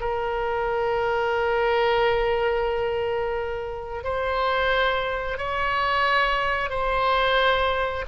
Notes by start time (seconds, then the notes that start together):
0.00 A#4
4.04 C5
5.38 C#5
6.70 C5